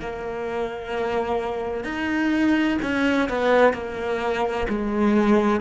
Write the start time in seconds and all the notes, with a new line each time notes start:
0.00 A#3
1.84 D#4
2.82 C#4
3.29 B3
3.73 A#3
4.68 G#3